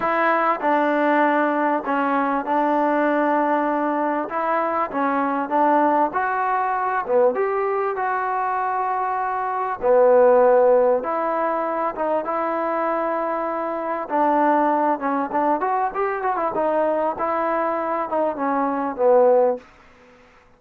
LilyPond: \new Staff \with { instrumentName = "trombone" } { \time 4/4 \tempo 4 = 98 e'4 d'2 cis'4 | d'2. e'4 | cis'4 d'4 fis'4. b8 | g'4 fis'2. |
b2 e'4. dis'8 | e'2. d'4~ | d'8 cis'8 d'8 fis'8 g'8 fis'16 e'16 dis'4 | e'4. dis'8 cis'4 b4 | }